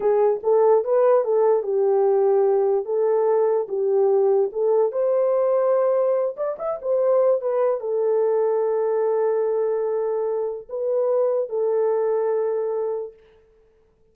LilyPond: \new Staff \with { instrumentName = "horn" } { \time 4/4 \tempo 4 = 146 gis'4 a'4 b'4 a'4 | g'2. a'4~ | a'4 g'2 a'4 | c''2.~ c''8 d''8 |
e''8 c''4. b'4 a'4~ | a'1~ | a'2 b'2 | a'1 | }